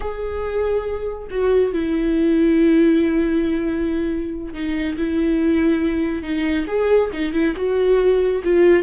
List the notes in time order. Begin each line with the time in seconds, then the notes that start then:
0.00 G#4
1.30 F#4
1.73 E4
4.53 D#4
4.97 E4
6.23 D#4
6.67 G#4
7.12 D#4
7.32 E4
7.56 F#4
8.43 F4